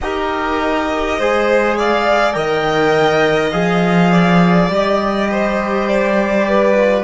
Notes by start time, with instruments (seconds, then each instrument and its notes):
0.00 cello D#4, trombone G4, violin A#4 D#5
1.18 cello G#3, trombone G#4, violin C5
1.77 violin D5 F5
2.32 cello D#3, trombone A#4, violin D#5 G5
3.51 cello F3, trombone G#4, violin F5
4.12 violin D5
4.68 cello G3, trombone G4, violin D#5
5.31 violin C5
5.88 violin D5
6.48 violin B4
6.76 trombone F4